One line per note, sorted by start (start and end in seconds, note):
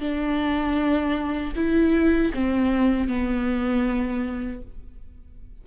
0.00 1.54 D4
1.55 2.32 E4
2.33 3.07 C4
3.07 4.61 B3